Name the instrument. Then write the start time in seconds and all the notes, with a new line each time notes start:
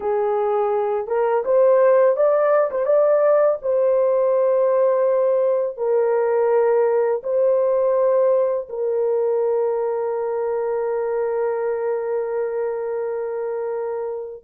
horn
0.00 G#4
1.07 A#4
1.45 C5
2.16 D5
2.71 C5
2.86 D5
3.61 C5
5.77 A#4
7.23 C5
8.69 A#4